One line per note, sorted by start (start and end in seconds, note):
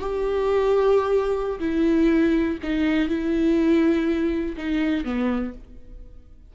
0.00 1.60 G4
1.60 2.58 E4
2.63 3.09 D#4
3.09 4.56 E4
4.57 5.05 D#4
5.05 5.54 B3